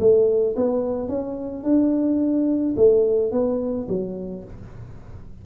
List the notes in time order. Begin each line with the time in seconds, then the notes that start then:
0.00 A3
0.56 B3
1.09 C#4
1.64 D4
2.77 A3
3.32 B3
3.89 F#3